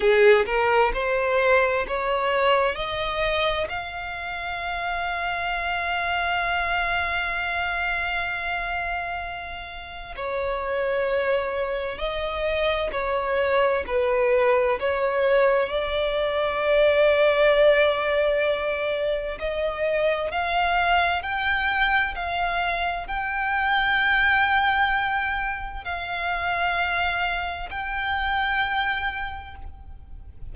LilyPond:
\new Staff \with { instrumentName = "violin" } { \time 4/4 \tempo 4 = 65 gis'8 ais'8 c''4 cis''4 dis''4 | f''1~ | f''2. cis''4~ | cis''4 dis''4 cis''4 b'4 |
cis''4 d''2.~ | d''4 dis''4 f''4 g''4 | f''4 g''2. | f''2 g''2 | }